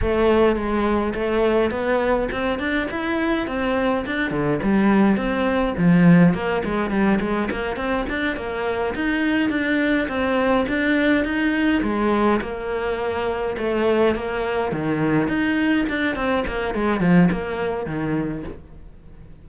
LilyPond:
\new Staff \with { instrumentName = "cello" } { \time 4/4 \tempo 4 = 104 a4 gis4 a4 b4 | c'8 d'8 e'4 c'4 d'8 d8 | g4 c'4 f4 ais8 gis8 | g8 gis8 ais8 c'8 d'8 ais4 dis'8~ |
dis'8 d'4 c'4 d'4 dis'8~ | dis'8 gis4 ais2 a8~ | a8 ais4 dis4 dis'4 d'8 | c'8 ais8 gis8 f8 ais4 dis4 | }